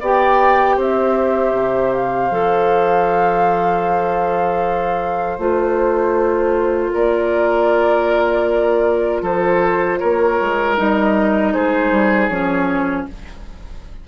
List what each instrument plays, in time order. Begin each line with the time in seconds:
0.00 bassoon B3, clarinet G4, oboe D5, flute G5
0.76 bassoon C4, oboe C5, flute E5
1.53 bassoon C3
1.93 flute F5
2.31 bassoon F3, clarinet A4
5.38 bassoon A3, clarinet F4, flute C5
6.94 bassoon A#3, oboe A#4, flute D5
9.22 bassoon F3, oboe A4, flute C5
9.98 bassoon A#3, oboe A#4, flute C#5
10.40 bassoon G#3
10.77 bassoon G3, clarinet D#4, flute D#5
11.53 bassoon G#3, oboe G#4, flute C5
11.91 bassoon G3
12.28 bassoon F3, clarinet C#4, flute C#5